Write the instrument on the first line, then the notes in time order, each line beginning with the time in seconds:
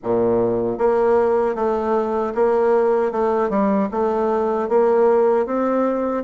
bassoon
0.03 A#2
0.78 A#3
1.55 A3
2.34 A#3
3.11 A3
3.49 G3
3.91 A3
4.68 A#3
5.46 C4